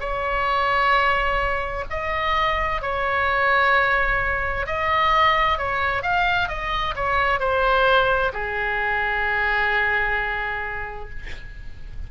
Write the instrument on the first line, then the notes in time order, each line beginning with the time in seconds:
oboe
0.00 C#5
1.90 D#5
2.82 C#5
4.66 D#5
5.58 C#5
6.03 F5
6.48 D#5
6.96 C#5
7.40 C5
8.33 G#4